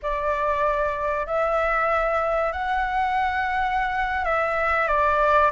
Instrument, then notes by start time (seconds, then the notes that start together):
flute
0.02 D5
1.26 E5
2.52 F#5
4.24 E5
4.87 D5